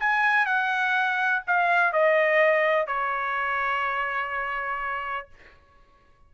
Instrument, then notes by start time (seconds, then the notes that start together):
trumpet
0.00 G#5
0.46 F#5
1.47 F5
1.93 D#5
2.87 C#5